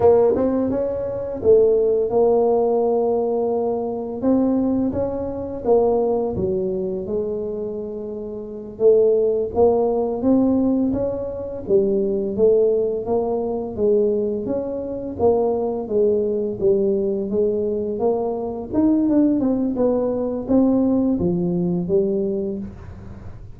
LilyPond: \new Staff \with { instrumentName = "tuba" } { \time 4/4 \tempo 4 = 85 ais8 c'8 cis'4 a4 ais4~ | ais2 c'4 cis'4 | ais4 fis4 gis2~ | gis8 a4 ais4 c'4 cis'8~ |
cis'8 g4 a4 ais4 gis8~ | gis8 cis'4 ais4 gis4 g8~ | g8 gis4 ais4 dis'8 d'8 c'8 | b4 c'4 f4 g4 | }